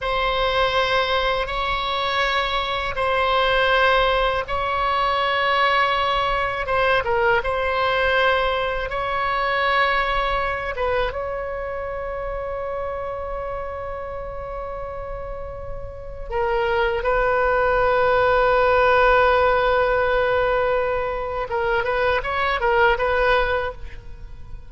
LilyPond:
\new Staff \with { instrumentName = "oboe" } { \time 4/4 \tempo 4 = 81 c''2 cis''2 | c''2 cis''2~ | cis''4 c''8 ais'8 c''2 | cis''2~ cis''8 b'8 cis''4~ |
cis''1~ | cis''2 ais'4 b'4~ | b'1~ | b'4 ais'8 b'8 cis''8 ais'8 b'4 | }